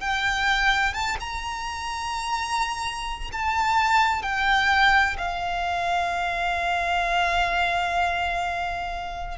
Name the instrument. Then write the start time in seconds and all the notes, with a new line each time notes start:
violin
0.00 G5
0.93 A5
1.20 A#5
3.32 A5
4.23 G5
5.18 F5